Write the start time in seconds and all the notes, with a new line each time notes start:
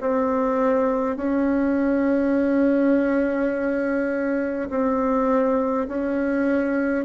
0.00 C4
1.16 C#4
4.69 C4
5.88 C#4